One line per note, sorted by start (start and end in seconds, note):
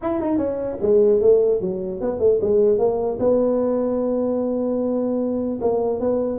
0.02 0.20 E4
0.20 0.37 D#4
0.37 0.77 C#4
0.81 1.21 G#3
1.21 1.60 A3
1.60 2.00 F#3
2.00 2.19 B3
2.19 2.39 A3
2.41 2.78 G#3
2.78 3.18 A#3
3.19 5.59 B3
5.61 5.99 A#3
5.99 6.38 B3